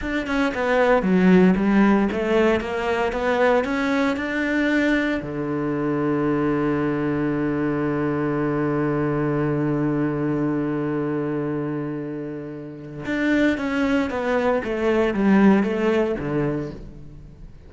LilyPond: \new Staff \with { instrumentName = "cello" } { \time 4/4 \tempo 4 = 115 d'8 cis'8 b4 fis4 g4 | a4 ais4 b4 cis'4 | d'2 d2~ | d1~ |
d1~ | d1~ | d4 d'4 cis'4 b4 | a4 g4 a4 d4 | }